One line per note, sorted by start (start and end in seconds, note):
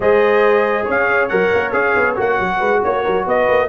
0.00 0.87 G#3
0.00 1.29 G#4
0.00 0.84 C5
0.00 0.87 D#5
0.84 1.31 C#4
0.84 2.58 C#5
0.90 1.28 F5
1.28 1.53 F#3
1.28 1.72 A#4
1.28 1.71 F#5
1.53 1.73 A#3
1.72 1.94 C#4
1.72 2.15 G#4
1.72 2.16 F5
1.96 2.17 B3
2.16 2.39 A#3
2.16 3.68 F#4
2.16 2.83 F#5
2.39 2.60 F#3
2.58 2.82 G#3
2.58 2.80 B4
2.83 3.06 A#3
2.83 3.27 C#5
2.83 3.03 C#5
3.03 3.26 F#3
3.03 3.25 A#4
3.26 3.48 B3
3.26 3.68 B4
3.26 3.68 D#5
3.48 3.68 A#3